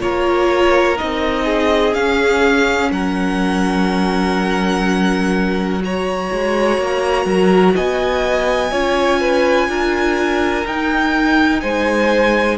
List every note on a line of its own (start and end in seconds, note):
0.00 1.00 A#3
0.00 0.97 F4
0.00 1.45 A#4
0.00 0.98 C#5
0.98 1.96 C4
0.98 1.93 D#4
0.98 1.94 D#5
1.45 2.90 G#4
1.93 5.80 C#4
1.93 2.91 C#4
1.93 2.91 F5
2.91 6.30 F#3
2.91 5.83 A#4
2.91 5.83 F#5
5.80 8.70 F#4
5.80 7.27 C#5
5.80 7.76 A#5
6.32 6.78 G#3
6.78 7.26 A#3
7.26 7.74 F#3
7.26 7.75 A#4
7.75 8.72 B3
7.75 8.72 D#5
7.75 10.67 G#5
8.71 9.69 C#4
8.71 10.65 F4
8.71 9.20 C#5
9.20 9.69 B4
9.69 10.65 D4
9.69 11.62 A#4
10.66 11.63 D#4
10.66 12.58 D#4
10.66 11.61 G5
11.61 12.58 G#3
11.61 12.58 C5
11.61 12.58 G#5